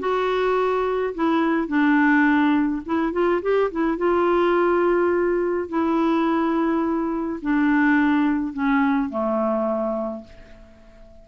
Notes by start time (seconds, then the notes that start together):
0.00 F#4
1.15 E4
1.68 D4
2.86 E4
3.13 F4
3.42 G4
3.71 E4
3.98 F4
5.69 E4
7.42 D4
8.54 C#4
9.10 A3